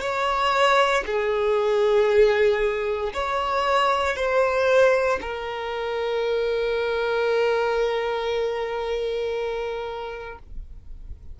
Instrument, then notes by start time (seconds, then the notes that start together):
violin
0.00 C#5
1.05 G#4
3.13 C#5
4.16 C5
5.21 A#4